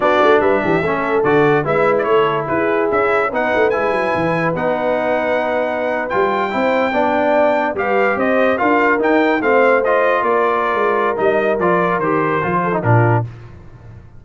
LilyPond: <<
  \new Staff \with { instrumentName = "trumpet" } { \time 4/4 \tempo 4 = 145 d''4 e''2 d''4 | e''8. d''16 cis''4 b'4 e''4 | fis''4 gis''2 fis''4~ | fis''2~ fis''8. g''4~ g''16~ |
g''2~ g''8. f''4 dis''16~ | dis''8. f''4 g''4 f''4 dis''16~ | dis''8. d''2~ d''16 dis''4 | d''4 c''2 ais'4 | }
  \new Staff \with { instrumentName = "horn" } { \time 4/4 fis'4 b'8 g'8 a'2 | b'4 a'4 gis'2 | b'1~ | b'2.~ b'8. c''16~ |
c''8. d''2 b'4 c''16~ | c''8. ais'2 c''4~ c''16~ | c''8. ais'2.~ ais'16~ | ais'2~ ais'8 a'8 f'4 | }
  \new Staff \with { instrumentName = "trombone" } { \time 4/4 d'2 cis'4 fis'4 | e'1 | dis'4 e'2 dis'4~ | dis'2~ dis'8. f'4 e'16~ |
e'8. d'2 g'4~ g'16~ | g'8. f'4 dis'4 c'4 f'16~ | f'2. dis'4 | f'4 g'4 f'8. dis'16 d'4 | }
  \new Staff \with { instrumentName = "tuba" } { \time 4/4 b8 a8 g8 e8 a4 d4 | gis4 a4 e'4 cis'4 | b8 a8 gis8 fis8 e4 b4~ | b2~ b8. g4 c'16~ |
c'8. b2 g4 c'16~ | c'8. d'4 dis'4 a4~ a16~ | a8. ais4~ ais16 gis4 g4 | f4 dis4 f4 ais,4 | }
>>